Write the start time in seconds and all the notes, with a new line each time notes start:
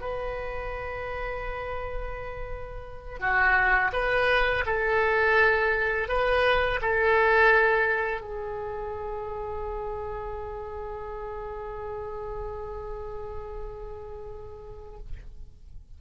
0.00 B4
3.19 F#4
3.93 B4
4.66 A4
6.08 B4
6.81 A4
8.21 G#4